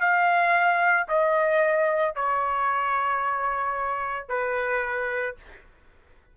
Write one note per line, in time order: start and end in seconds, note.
0.00 1.07 F5
1.08 2.15 D#5
2.15 4.29 C#5
4.29 5.36 B4